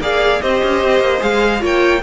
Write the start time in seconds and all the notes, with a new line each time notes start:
0.00 A#3 G#4 D5 F5
0.41 C4 G4 C5 D#5
0.63 C#4
0.84 C4
1.00 A#3
1.20 G#3 G#4 F5
1.60 A#3 F4 C#5 G5